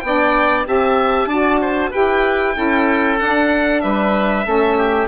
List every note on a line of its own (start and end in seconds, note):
0.00 0.67 B3
0.00 0.66 D4
0.00 0.63 G5
0.07 0.68 D5
0.66 1.26 C4
0.66 1.29 G4
0.66 1.29 E5
0.66 1.92 A5
1.26 1.89 D4
1.26 1.92 F#4
1.26 1.61 D5
1.61 1.91 C5
1.91 2.57 E4
1.91 2.54 G4
1.91 2.54 B4
1.91 3.19 G5
2.54 3.21 C#4
2.54 3.17 E4
2.54 3.83 A4
3.19 4.45 D4
3.19 3.84 D4
3.19 3.81 F#5
3.81 4.46 G3
3.81 4.46 B4
3.81 5.07 E5
4.45 5.09 A3
4.45 5.08 C#4
4.45 4.77 A4
4.77 5.09 G4